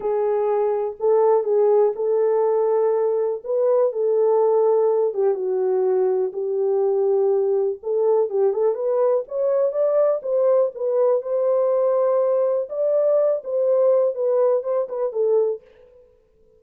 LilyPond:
\new Staff \with { instrumentName = "horn" } { \time 4/4 \tempo 4 = 123 gis'2 a'4 gis'4 | a'2. b'4 | a'2~ a'8 g'8 fis'4~ | fis'4 g'2. |
a'4 g'8 a'8 b'4 cis''4 | d''4 c''4 b'4 c''4~ | c''2 d''4. c''8~ | c''4 b'4 c''8 b'8 a'4 | }